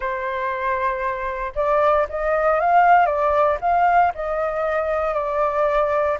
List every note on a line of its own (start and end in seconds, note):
0.00 1.53 C5
1.55 2.07 D5
2.09 2.60 D#5
2.60 3.05 F5
3.05 3.57 D5
3.60 4.12 F5
4.14 5.14 D#5
5.14 6.17 D5